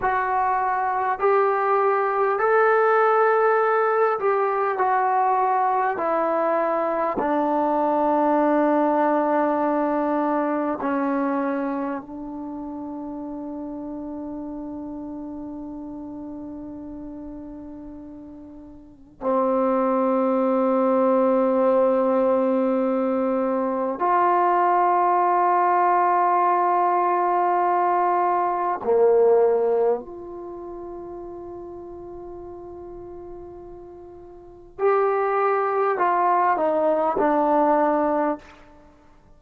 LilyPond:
\new Staff \with { instrumentName = "trombone" } { \time 4/4 \tempo 4 = 50 fis'4 g'4 a'4. g'8 | fis'4 e'4 d'2~ | d'4 cis'4 d'2~ | d'1 |
c'1 | f'1 | ais4 f'2.~ | f'4 g'4 f'8 dis'8 d'4 | }